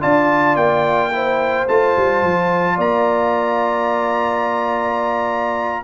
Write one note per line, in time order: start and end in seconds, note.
0.00 0.55 D4
0.00 1.11 F4
0.00 1.12 D5
0.00 0.56 A5
0.55 1.66 A#3
0.55 1.67 G5
1.12 1.67 E4
1.12 2.75 C5
1.68 1.96 A3
1.68 5.84 F4
1.68 2.79 A5
1.97 2.22 G3
2.22 2.78 F3
2.75 5.83 A#3
2.75 5.81 D5
2.75 5.84 A#5